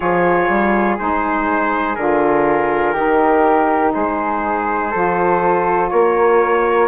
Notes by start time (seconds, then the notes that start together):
0.00 F3 F4 G#4 C#5
0.49 G3
0.98 G#3 D#4 C5
1.95 D3 F4 A#4
2.93 D#3 D#4 G4
3.93 G#3 G#4 C5
4.91 F3 F4 A4
5.89 A#3 A#4 C#5